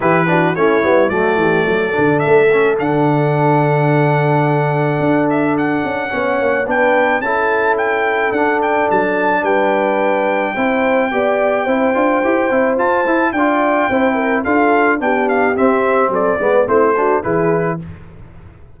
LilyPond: <<
  \new Staff \with { instrumentName = "trumpet" } { \time 4/4 \tempo 4 = 108 b'4 cis''4 d''2 | e''4 fis''2.~ | fis''4. e''8 fis''2 | g''4 a''4 g''4 fis''8 g''8 |
a''4 g''2.~ | g''2. a''4 | g''2 f''4 g''8 f''8 | e''4 d''4 c''4 b'4 | }
  \new Staff \with { instrumentName = "horn" } { \time 4/4 g'8 fis'8 e'4 fis'8 g'8 a'4~ | a'1~ | a'2. cis''4 | b'4 a'2.~ |
a'4 b'2 c''4 | d''4 c''2. | d''4 c''8 ais'8 a'4 g'4~ | g'4 a'8 b'8 e'8 fis'8 gis'4 | }
  \new Staff \with { instrumentName = "trombone" } { \time 4/4 e'8 d'8 cis'8 b8 a4. d'8~ | d'8 cis'8 d'2.~ | d'2. cis'4 | d'4 e'2 d'4~ |
d'2. e'4 | g'4 e'8 f'8 g'8 e'8 f'8 e'8 | f'4 e'4 f'4 d'4 | c'4. b8 c'8 d'8 e'4 | }
  \new Staff \with { instrumentName = "tuba" } { \time 4/4 e4 a8 g8 fis8 e8 fis8 d8 | a4 d2.~ | d4 d'4. cis'8 b8 ais8 | b4 cis'2 d'4 |
fis4 g2 c'4 | b4 c'8 d'8 e'8 c'8 f'8 e'8 | d'4 c'4 d'4 b4 | c'4 fis8 gis8 a4 e4 | }
>>